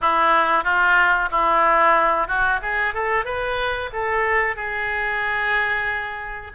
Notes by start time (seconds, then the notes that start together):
0.01 E4
0.63 F4
1.31 E4
2.27 F#4
2.61 G#4
2.94 A4
3.24 B4
3.92 A4
4.56 G#4